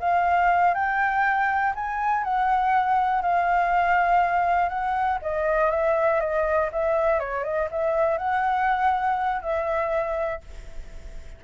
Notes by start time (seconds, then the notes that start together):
0.00 F5
0.75 G5
1.75 G#5
2.24 F#5
3.22 F5
4.69 F#5
5.22 D#5
5.71 E5
6.21 D#5
6.72 E5
7.20 C#5
7.44 D#5
7.71 E5
8.18 F#5
9.42 E5